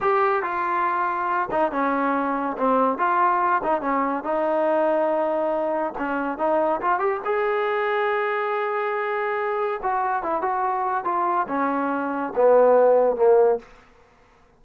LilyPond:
\new Staff \with { instrumentName = "trombone" } { \time 4/4 \tempo 4 = 141 g'4 f'2~ f'8 dis'8 | cis'2 c'4 f'4~ | f'8 dis'8 cis'4 dis'2~ | dis'2 cis'4 dis'4 |
f'8 g'8 gis'2.~ | gis'2. fis'4 | e'8 fis'4. f'4 cis'4~ | cis'4 b2 ais4 | }